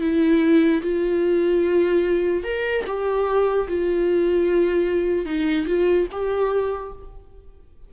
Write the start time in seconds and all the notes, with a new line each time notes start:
0.00 E4
0.82 F4
2.43 A#4
2.86 G4
3.68 F4
5.25 D#4
5.66 F4
6.11 G4